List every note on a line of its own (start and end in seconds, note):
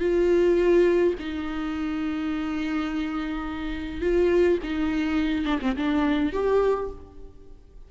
0.00 1.14 F4
1.19 4.02 D#4
4.02 4.59 F4
4.64 5.45 D#4
5.45 5.60 D4
5.62 5.76 C4
5.77 6.33 D4
6.33 6.90 G4